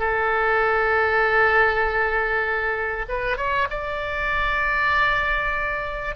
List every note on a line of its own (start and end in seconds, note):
0.00 3.06 A4
3.09 3.38 B4
3.38 3.68 C#5
3.71 6.16 D5